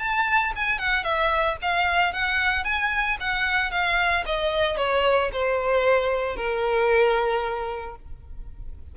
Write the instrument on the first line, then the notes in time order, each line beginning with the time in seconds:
violin
0.00 A5
0.56 G#5
0.79 F#5
1.04 E5
1.62 F5
2.13 F#5
2.65 G#5
3.21 F#5
3.71 F5
4.26 D#5
4.78 C#5
5.33 C5
6.36 A#4